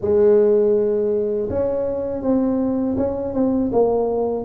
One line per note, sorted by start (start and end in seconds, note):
0.01 1.49 G#3
1.49 2.22 C#4
2.22 2.96 C4
2.97 3.34 C#4
3.34 3.71 C4
3.71 4.44 A#3